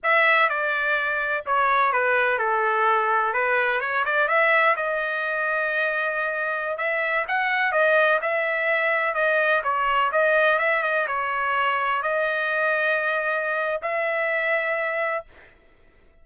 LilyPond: \new Staff \with { instrumentName = "trumpet" } { \time 4/4 \tempo 4 = 126 e''4 d''2 cis''4 | b'4 a'2 b'4 | cis''8 d''8 e''4 dis''2~ | dis''2~ dis''16 e''4 fis''8.~ |
fis''16 dis''4 e''2 dis''8.~ | dis''16 cis''4 dis''4 e''8 dis''8 cis''8.~ | cis''4~ cis''16 dis''2~ dis''8.~ | dis''4 e''2. | }